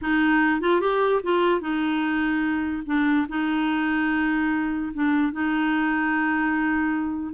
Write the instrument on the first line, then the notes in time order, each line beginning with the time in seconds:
clarinet
0.01 D#4
0.60 F4
0.80 G4
1.23 F4
1.60 D#4
2.86 D4
3.29 D#4
4.93 D4
5.32 D#4